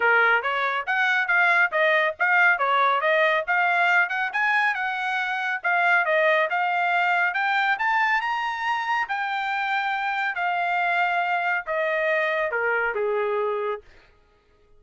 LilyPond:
\new Staff \with { instrumentName = "trumpet" } { \time 4/4 \tempo 4 = 139 ais'4 cis''4 fis''4 f''4 | dis''4 f''4 cis''4 dis''4 | f''4. fis''8 gis''4 fis''4~ | fis''4 f''4 dis''4 f''4~ |
f''4 g''4 a''4 ais''4~ | ais''4 g''2. | f''2. dis''4~ | dis''4 ais'4 gis'2 | }